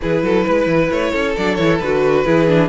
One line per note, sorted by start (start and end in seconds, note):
0.01 0.23 E3
0.01 1.37 E4
0.01 0.23 G#4
0.01 0.91 B4
0.23 0.45 F#3
0.23 0.46 A4
0.46 0.66 G#3
0.46 1.11 B4
0.66 0.89 E3
0.91 1.13 A3
0.91 1.36 C#5
1.11 1.36 C#4
1.11 2.24 A4
1.36 1.58 F#3
1.36 1.58 D4
1.36 1.55 D5
1.55 1.80 E3
1.55 1.81 E4
1.55 1.77 C#5
1.78 2.26 D3
1.78 2.25 F#4
1.78 2.69 B4
2.24 2.69 E3
2.24 2.47 E4
2.24 2.69 G#4
2.47 2.69 D4